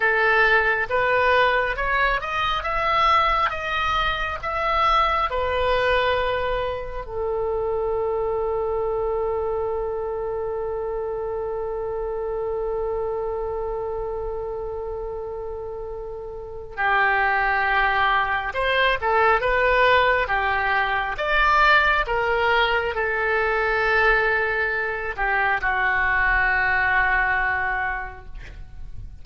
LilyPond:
\new Staff \with { instrumentName = "oboe" } { \time 4/4 \tempo 4 = 68 a'4 b'4 cis''8 dis''8 e''4 | dis''4 e''4 b'2 | a'1~ | a'1~ |
a'2. g'4~ | g'4 c''8 a'8 b'4 g'4 | d''4 ais'4 a'2~ | a'8 g'8 fis'2. | }